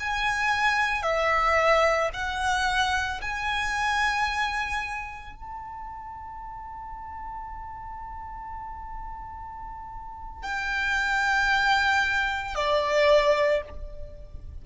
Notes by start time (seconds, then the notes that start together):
0.00 G#5
1.03 E5
2.14 F#5
3.22 G#5
5.36 A5
10.43 G5
12.55 D5